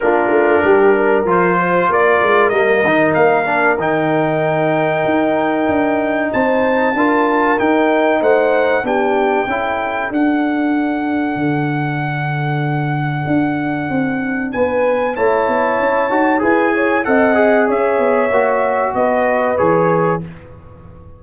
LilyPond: <<
  \new Staff \with { instrumentName = "trumpet" } { \time 4/4 \tempo 4 = 95 ais'2 c''4 d''4 | dis''4 f''4 g''2~ | g''2 a''2 | g''4 fis''4 g''2 |
fis''1~ | fis''2. gis''4 | a''2 gis''4 fis''4 | e''2 dis''4 cis''4 | }
  \new Staff \with { instrumentName = "horn" } { \time 4/4 f'4 g'8 ais'4 c''8 ais'4~ | ais'1~ | ais'2 c''4 ais'4~ | ais'4 c''4 g'4 a'4~ |
a'1~ | a'2. b'4 | cis''2 b'8 cis''8 dis''4 | cis''2 b'2 | }
  \new Staff \with { instrumentName = "trombone" } { \time 4/4 d'2 f'2 | ais8 dis'4 d'8 dis'2~ | dis'2. f'4 | dis'2 d'4 e'4 |
d'1~ | d'1 | e'4. fis'8 gis'4 a'8 gis'8~ | gis'4 fis'2 gis'4 | }
  \new Staff \with { instrumentName = "tuba" } { \time 4/4 ais8 a8 g4 f4 ais8 gis8 | g8 dis8 ais4 dis2 | dis'4 d'4 c'4 d'4 | dis'4 a4 b4 cis'4 |
d'2 d2~ | d4 d'4 c'4 b4 | a8 b8 cis'8 dis'8 e'4 c'4 | cis'8 b8 ais4 b4 e4 | }
>>